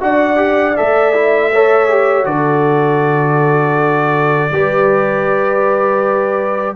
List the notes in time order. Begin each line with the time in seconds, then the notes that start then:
0.00 D4 F#4 D5 F#5
0.36 G4
0.76 A3 A4 E5
1.14 E4
1.53 A4 C#5
1.89 G4
2.24 D3 F#4 A4 D5
4.51 G3 G4 B4